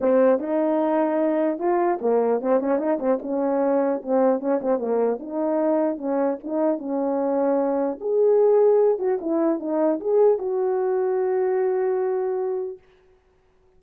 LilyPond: \new Staff \with { instrumentName = "horn" } { \time 4/4 \tempo 4 = 150 c'4 dis'2. | f'4 ais4 c'8 cis'8 dis'8 c'8 | cis'2 c'4 cis'8 c'8 | ais4 dis'2 cis'4 |
dis'4 cis'2. | gis'2~ gis'8 fis'8 e'4 | dis'4 gis'4 fis'2~ | fis'1 | }